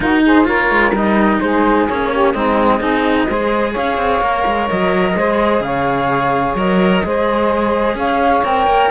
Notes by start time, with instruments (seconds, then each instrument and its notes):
0.00 cello D#4, saxophone F#4, flute A#4
0.25 saxophone G#4, flute C5
0.44 cello A#3 F4, saxophone A#4, flute C#5
0.70 cello G#3
0.92 cello G3 D#4, flute D#5
1.40 cello G#3, saxophone G#4, flute C5
1.88 cello A#3 C#4, flute C#5
2.11 saxophone G4
2.32 cello G#3 C4, saxophone D#4, flute D#5
2.79 cello C4 D#4, saxophone G#4
3.28 cello G#3 G#4, saxophone C5
3.71 cello C#4, saxophone C#5, flute F5
3.97 cello C4
4.20 cello A#3 A#4
4.46 cello G#3
4.69 cello F#3, flute D#5
5.15 cello G#3 G#4, saxophone C5
5.60 cello C#3, saxophone C#5, flute F5
6.54 cello F#3 A#4, flute D#5
7.04 cello G#3 G#4, saxophone C5
7.95 cello C#4, saxophone C#5, flute F5
8.43 cello C4 A#4, flute G5
8.66 cello A#3